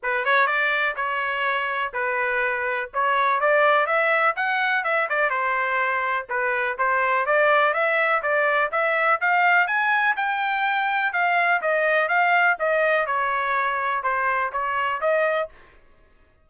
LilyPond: \new Staff \with { instrumentName = "trumpet" } { \time 4/4 \tempo 4 = 124 b'8 cis''8 d''4 cis''2 | b'2 cis''4 d''4 | e''4 fis''4 e''8 d''8 c''4~ | c''4 b'4 c''4 d''4 |
e''4 d''4 e''4 f''4 | gis''4 g''2 f''4 | dis''4 f''4 dis''4 cis''4~ | cis''4 c''4 cis''4 dis''4 | }